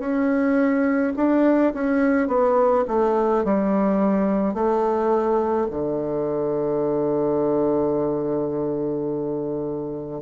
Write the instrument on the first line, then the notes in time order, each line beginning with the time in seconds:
bassoon
0.00 C#4
1.16 D4
1.74 C#4
2.28 B3
2.88 A3
3.45 G3
4.54 A3
5.71 D3